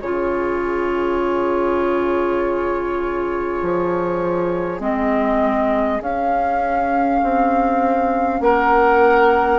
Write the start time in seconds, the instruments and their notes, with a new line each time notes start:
0.00 bassoon C#3, clarinet F4, oboe G#4, flute C#5
3.62 bassoon F3
4.79 bassoon G#3, clarinet C4, flute D#5
5.99 clarinet C#4, bassoon C#4, flute F5
7.23 bassoon C4
8.40 bassoon A#3, oboe A#4, flute F#5